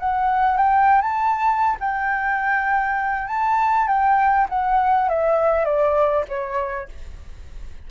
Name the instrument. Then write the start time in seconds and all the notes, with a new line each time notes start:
flute
0.00 F#5
0.58 G5
1.02 A5
1.81 G5
3.28 A5
3.88 G5
4.50 F#5
5.09 E5
5.65 D5
6.29 C#5